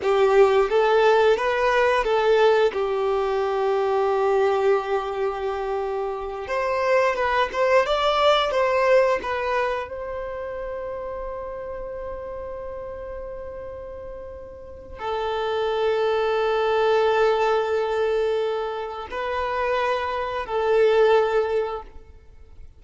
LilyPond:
\new Staff \with { instrumentName = "violin" } { \time 4/4 \tempo 4 = 88 g'4 a'4 b'4 a'4 | g'1~ | g'4. c''4 b'8 c''8 d''8~ | d''8 c''4 b'4 c''4.~ |
c''1~ | c''2 a'2~ | a'1 | b'2 a'2 | }